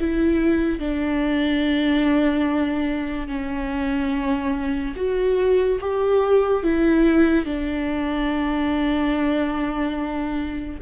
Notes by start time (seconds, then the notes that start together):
0.00 E4
0.79 D4
3.28 C#4
4.96 F#4
5.80 G4
6.63 E4
7.45 D4